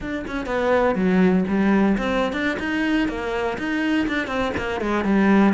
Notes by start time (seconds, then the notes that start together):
0.00 D4
0.27 C#4
0.46 B3
0.95 F#3
1.48 G3
1.97 C4
2.32 D4
2.59 D#4
3.08 A#3
3.57 D#4
4.07 D4
4.27 C4
4.57 A#3
4.81 G#3
5.04 G3